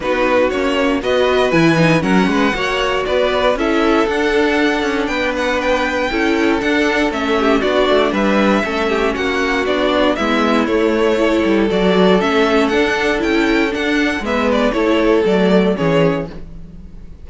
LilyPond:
<<
  \new Staff \with { instrumentName = "violin" } { \time 4/4 \tempo 4 = 118 b'4 cis''4 dis''4 gis''4 | fis''2 d''4 e''4 | fis''2 g''8 fis''8 g''4~ | g''4 fis''4 e''4 d''4 |
e''2 fis''4 d''4 | e''4 cis''2 d''4 | e''4 fis''4 g''4 fis''4 | e''8 d''8 cis''4 d''4 cis''4 | }
  \new Staff \with { instrumentName = "violin" } { \time 4/4 fis'2 b'2 | ais'8 b'8 cis''4 b'4 a'4~ | a'2 b'2 | a'2~ a'8 g'8 fis'4 |
b'4 a'8 g'8 fis'2 | e'2 a'2~ | a'1 | b'4 a'2 gis'4 | }
  \new Staff \with { instrumentName = "viola" } { \time 4/4 dis'4 cis'4 fis'4 e'8 dis'8 | cis'4 fis'2 e'4 | d'1 | e'4 d'4 cis'4 d'4~ |
d'4 cis'2 d'4 | b4 a4 e'4 fis'4 | cis'4 d'4 e'4 d'4 | b4 e'4 a4 cis'4 | }
  \new Staff \with { instrumentName = "cello" } { \time 4/4 b4 ais4 b4 e4 | fis8 gis8 ais4 b4 cis'4 | d'4. cis'8 b2 | cis'4 d'4 a4 b8 a8 |
g4 a4 ais4 b4 | gis4 a4. g8 fis4 | a4 d'4 cis'4 d'4 | gis4 a4 fis4 e4 | }
>>